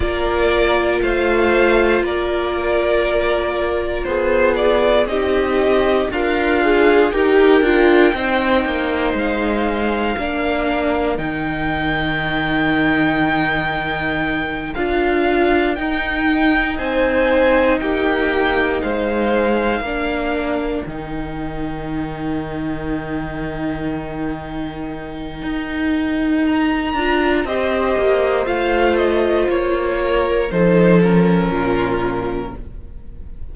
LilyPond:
<<
  \new Staff \with { instrumentName = "violin" } { \time 4/4 \tempo 4 = 59 d''4 f''4 d''2 | c''8 d''8 dis''4 f''4 g''4~ | g''4 f''2 g''4~ | g''2~ g''8 f''4 g''8~ |
g''8 gis''4 g''4 f''4.~ | f''8 g''2.~ g''8~ | g''2 ais''4 dis''4 | f''8 dis''8 cis''4 c''8 ais'4. | }
  \new Staff \with { instrumentName = "violin" } { \time 4/4 ais'4 c''4 ais'2 | gis'4 g'4 f'4 ais'4 | c''2 ais'2~ | ais'1~ |
ais'8 c''4 g'4 c''4 ais'8~ | ais'1~ | ais'2. c''4~ | c''4. ais'8 a'4 f'4 | }
  \new Staff \with { instrumentName = "viola" } { \time 4/4 f'1~ | f'4 dis'4 ais'8 gis'8 g'8 f'8 | dis'2 d'4 dis'4~ | dis'2~ dis'8 f'4 dis'8~ |
dis'2.~ dis'8 d'8~ | d'8 dis'2.~ dis'8~ | dis'2~ dis'8 f'8 g'4 | f'2 dis'8 cis'4. | }
  \new Staff \with { instrumentName = "cello" } { \time 4/4 ais4 a4 ais2 | b4 c'4 d'4 dis'8 d'8 | c'8 ais8 gis4 ais4 dis4~ | dis2~ dis8 d'4 dis'8~ |
dis'8 c'4 ais4 gis4 ais8~ | ais8 dis2.~ dis8~ | dis4 dis'4. d'8 c'8 ais8 | a4 ais4 f4 ais,4 | }
>>